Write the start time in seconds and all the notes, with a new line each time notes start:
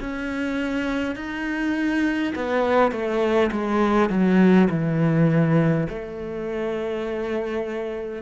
0.00 C#4
1.16 D#4
2.35 B3
2.91 A3
3.51 G#3
4.10 F#3
4.70 E3
5.89 A3